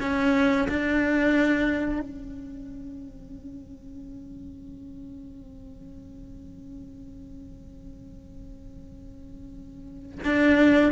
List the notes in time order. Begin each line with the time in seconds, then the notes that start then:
0.00 C#4
0.68 D4
2.01 C#4
10.25 D4